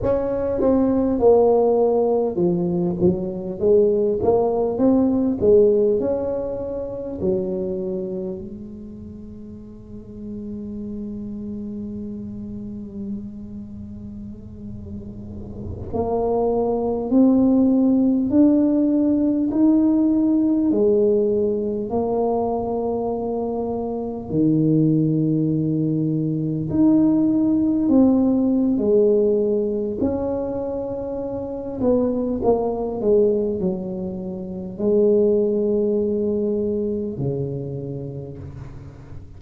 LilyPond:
\new Staff \with { instrumentName = "tuba" } { \time 4/4 \tempo 4 = 50 cis'8 c'8 ais4 f8 fis8 gis8 ais8 | c'8 gis8 cis'4 fis4 gis4~ | gis1~ | gis4~ gis16 ais4 c'4 d'8.~ |
d'16 dis'4 gis4 ais4.~ ais16~ | ais16 dis2 dis'4 c'8. | gis4 cis'4. b8 ais8 gis8 | fis4 gis2 cis4 | }